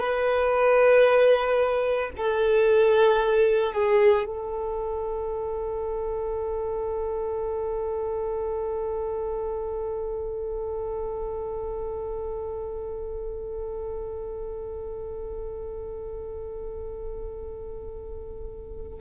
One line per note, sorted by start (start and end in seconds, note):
0.00 2.11 B4
2.18 3.73 A4
3.73 4.26 G#4
4.26 19.00 A4